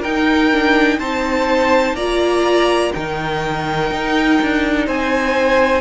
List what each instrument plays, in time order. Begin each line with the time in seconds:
0.00 viola D#4, cello D#4, violin A#4 G5
0.52 viola D4
0.99 cello C4, viola D#4, violin C5 A5
1.93 cello A#3, viola F4, violin D5 A#5
2.93 cello D#3, viola D#4, violin A#4 G5
3.91 cello D#4
4.42 cello D4
4.86 cello C4, violin C5 G#5